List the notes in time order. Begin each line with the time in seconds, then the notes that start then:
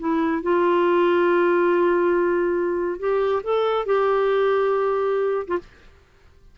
0.00 E4
0.43 F4
3.00 G4
3.44 A4
3.86 G4
5.48 F4